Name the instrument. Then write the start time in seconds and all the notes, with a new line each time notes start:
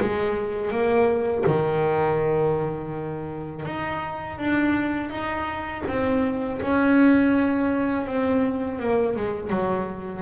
double bass
0.00 G#3
0.71 A#3
1.47 D#3
3.66 D#4
4.39 D4
5.10 D#4
5.87 C4
6.62 C#4
8.07 C4
8.80 A#3
9.17 G#3
9.50 F#3